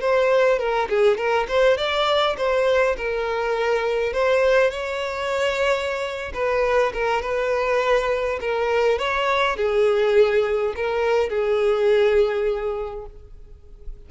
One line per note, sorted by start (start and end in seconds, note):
0.00 0.59 C5
0.59 0.88 A#4
0.89 1.17 G#4
1.17 1.46 A#4
1.48 1.77 C5
1.77 2.36 D5
2.37 2.96 C5
2.97 4.13 A#4
4.13 4.70 C5
4.70 6.32 C#5
6.33 6.92 B4
6.93 7.21 A#4
7.21 8.39 B4
8.40 8.98 A#4
8.98 9.56 C#5
9.56 10.74 G#4
10.76 11.29 A#4
11.29 13.05 G#4